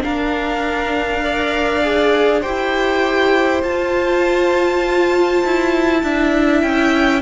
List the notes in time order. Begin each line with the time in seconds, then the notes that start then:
0.00 D4 A#4 F5
1.22 A#4 D5
1.81 G#4
2.40 E4 G4 C5 G5
3.62 F4 A5
5.44 E4
6.03 D4 E4 E5
6.62 C#4 G5